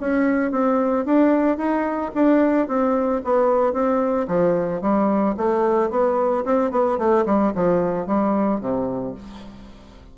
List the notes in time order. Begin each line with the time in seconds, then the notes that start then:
0.00 C#4
0.51 C4
1.05 D4
1.57 D#4
2.14 D4
2.68 C4
3.24 B3
3.73 C4
4.28 F3
4.81 G3
5.37 A3
5.90 B3
6.45 C4
6.71 B3
6.98 A3
7.26 G3
7.55 F3
8.07 G3
8.61 C3